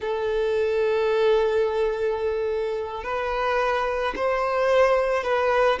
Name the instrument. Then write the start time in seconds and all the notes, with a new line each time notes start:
violin
0.01 A4
3.03 B4
4.16 C5
5.23 B4